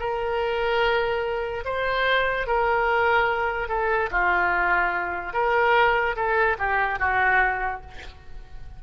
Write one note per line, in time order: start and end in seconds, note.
0.00 1.64 A#4
1.65 2.47 C5
2.47 3.69 A#4
3.69 4.10 A4
4.11 5.33 F4
5.33 6.16 A#4
6.16 6.57 A4
6.59 6.99 G4
6.99 7.82 F#4